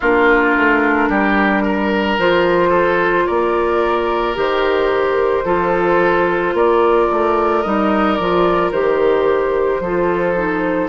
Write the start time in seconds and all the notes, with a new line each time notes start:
0.00 A#3 D4 F4 A#4
0.56 A3
1.09 G3 G4
1.62 A#4
2.18 F3 F4 C5
2.69 A4
3.26 A#3 A#4 D5
4.34 D#3 G4 C5
5.44 F3 F4 A4
6.53 A#3 A#4 D5
7.10 A3
7.62 G3 D#4 D#5
8.15 F3 F4 D5
8.71 D#3 G4 C5
9.80 F3 F4 A4
10.35 D#4